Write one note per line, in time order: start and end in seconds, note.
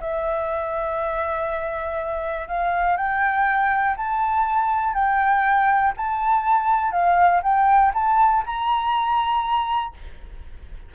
0.00 2.48 E5
2.48 2.96 F5
2.96 3.96 G5
3.96 4.94 A5
4.94 5.93 G5
5.97 6.92 A5
6.92 7.41 F5
7.42 7.92 G5
7.94 8.43 A5
8.45 9.94 A#5